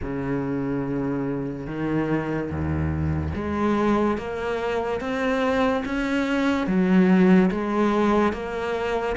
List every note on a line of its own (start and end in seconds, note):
0.02 1.66 C#3
1.66 2.50 D#3
2.50 3.33 D#2
3.34 4.17 G#3
4.17 5.00 A#3
5.00 5.83 C4
5.85 6.66 C#4
6.66 7.50 F#3
7.50 8.32 G#3
8.32 9.16 A#3